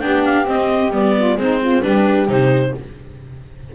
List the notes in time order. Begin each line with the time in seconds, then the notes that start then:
0.00 B3 D4 G4 G5
0.25 F5
0.45 C4 D#5
0.91 G3 B3 D5
1.16 F4
1.37 G#3 C4 D#4 C5
1.62 F4
1.82 G3 D4 G4 B4
2.28 C3 D#4 C5